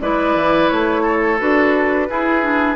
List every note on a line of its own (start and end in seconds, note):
0.00 0.35 G#3
0.00 1.39 E4
0.00 1.02 B4
0.00 0.69 D5
0.35 0.69 E3
0.69 1.40 A3
0.69 1.38 C#5
1.02 2.07 A4
1.39 2.09 D4
1.39 2.09 F#4
1.39 2.76 B4
2.09 2.42 E4
2.09 2.76 E4
2.09 2.76 G#4
2.42 2.76 D4